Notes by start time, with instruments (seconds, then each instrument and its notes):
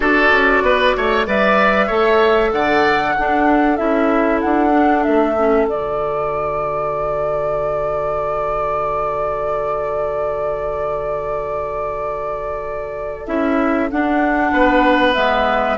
0.00 bassoon D4, clarinet F#4, oboe A4, flute D5
0.31 bassoon C#4
0.62 bassoon B3, oboe B4
0.96 bassoon A3, oboe C#5
1.26 bassoon G3, clarinet B4, oboe D5, flute E5
1.87 bassoon A3, clarinet A4, oboe C#5
2.52 bassoon D3, oboe D5, flute F#5
3.15 clarinet D4, bassoon D4, oboe A4
3.76 bassoon C#4, clarinet E4, flute E5
4.40 bassoon D4, flute F#5
4.70 clarinet D4
5.03 bassoon A3, flute E5
5.39 clarinet C#4
5.67 bassoon D3, clarinet F#4, flute D5
13.26 bassoon C#4, clarinet E4, flute E5
13.90 clarinet D4, bassoon D4, flute F#5
14.52 bassoon B3, oboe B4
15.14 bassoon G#3, clarinet B3, flute E5